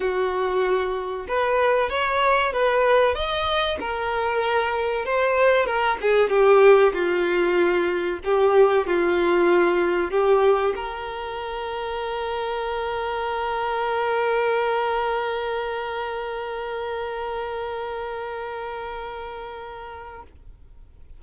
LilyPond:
\new Staff \with { instrumentName = "violin" } { \time 4/4 \tempo 4 = 95 fis'2 b'4 cis''4 | b'4 dis''4 ais'2 | c''4 ais'8 gis'8 g'4 f'4~ | f'4 g'4 f'2 |
g'4 ais'2.~ | ais'1~ | ais'1~ | ais'1 | }